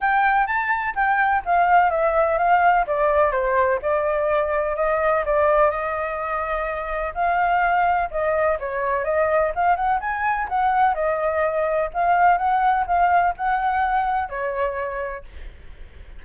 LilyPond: \new Staff \with { instrumentName = "flute" } { \time 4/4 \tempo 4 = 126 g''4 a''4 g''4 f''4 | e''4 f''4 d''4 c''4 | d''2 dis''4 d''4 | dis''2. f''4~ |
f''4 dis''4 cis''4 dis''4 | f''8 fis''8 gis''4 fis''4 dis''4~ | dis''4 f''4 fis''4 f''4 | fis''2 cis''2 | }